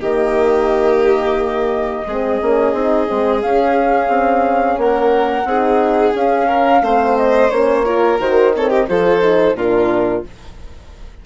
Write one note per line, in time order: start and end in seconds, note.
0.00 2.06 D#3
0.00 2.07 A#3
0.00 2.05 G4
0.00 3.41 D#5
2.06 2.40 G#3
2.06 2.41 C4
2.06 4.80 G#4
2.41 2.72 A#3
2.41 2.75 C#4
2.72 3.07 C4
2.72 3.07 D#4
3.07 3.43 G#3
3.07 3.41 C4
3.41 5.47 C#4
3.41 4.08 C#4
3.41 4.78 F5
4.08 4.76 C4
4.77 5.44 A#3
4.77 5.48 A#4
4.77 6.14 F#5
5.44 6.12 C4
5.44 6.14 D#4
5.44 6.47 G#4
6.14 6.82 C#4
6.14 6.81 C#4
6.14 7.17 F5
6.47 6.81 A#4
6.81 7.50 A3
6.81 7.50 C4
6.81 7.85 C5
7.17 7.50 D#5
7.50 8.19 A#3
7.50 7.84 C#4
7.50 8.18 C#5
7.84 8.18 F4
7.84 8.53 A#4
8.19 8.87 D#3
8.19 8.53 F#4
8.19 8.54 C5
8.54 8.87 C4
8.54 8.69 A4
8.54 8.70 C#5
8.69 8.86 G4
8.69 8.87 D#5
8.87 9.54 F3
8.87 9.21 F4
8.87 9.57 A4
8.87 9.56 C5
9.21 9.55 D#4
9.54 10.22 A#2
9.54 10.25 D4
9.54 10.25 F4
9.54 10.24 A#4